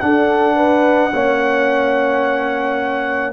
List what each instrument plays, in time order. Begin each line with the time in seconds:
0.00 trombone D4, tuba D4, horn A4, trumpet F#5
0.56 horn B4
1.14 tuba A#3, trombone C#4, horn C#5